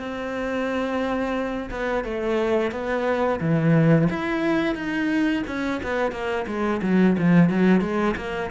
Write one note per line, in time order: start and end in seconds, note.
0.00 1.70 C4
1.71 2.05 B3
2.05 2.72 A3
2.72 3.40 B3
3.41 4.09 E3
4.10 4.75 E4
4.75 5.44 D#4
5.47 5.81 C#4
5.83 6.12 B3
6.12 6.46 A#3
6.47 6.82 G#3
6.83 7.17 F#3
7.19 7.50 F3
7.50 7.81 F#3
7.81 8.15 G#3
8.17 8.51 A#3